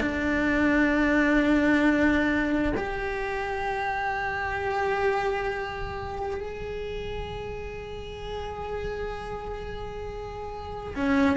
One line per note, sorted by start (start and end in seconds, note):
0.00 2.73 D4
2.77 6.40 G4
6.40 10.94 G#4
10.95 11.37 C#4